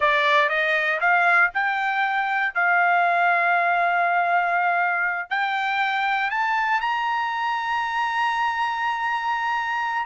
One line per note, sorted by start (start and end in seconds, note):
0.00 0.49 D5
0.49 0.99 D#5
1.00 1.50 F5
1.54 2.54 G5
2.54 5.29 F5
5.29 6.30 G5
6.30 6.80 A5
6.81 10.05 A#5